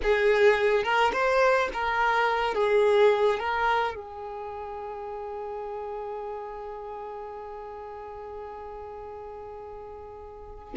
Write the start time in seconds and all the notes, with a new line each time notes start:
0.02 G#4
0.83 A#4
1.12 C5
1.73 A#4
2.54 G#4
3.39 A#4
3.95 G#4